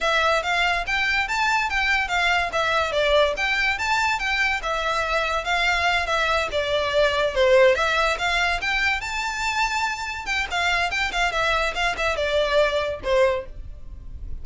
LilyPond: \new Staff \with { instrumentName = "violin" } { \time 4/4 \tempo 4 = 143 e''4 f''4 g''4 a''4 | g''4 f''4 e''4 d''4 | g''4 a''4 g''4 e''4~ | e''4 f''4. e''4 d''8~ |
d''4. c''4 e''4 f''8~ | f''8 g''4 a''2~ a''8~ | a''8 g''8 f''4 g''8 f''8 e''4 | f''8 e''8 d''2 c''4 | }